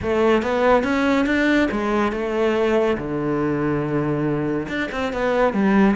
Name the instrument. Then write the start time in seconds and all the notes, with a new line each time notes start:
cello
0.02 A3
0.42 B3
0.83 C#4
1.26 D4
1.71 G#3
2.12 A3
2.97 D3
4.68 D4
4.91 C4
5.13 B3
5.53 G3